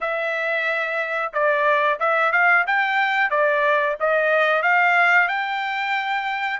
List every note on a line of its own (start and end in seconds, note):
0.00 1.32 E5
1.33 1.99 D5
1.99 2.32 E5
2.32 2.65 F5
2.66 3.30 G5
3.30 3.96 D5
4.00 4.62 D#5
4.62 5.27 F5
5.27 6.59 G5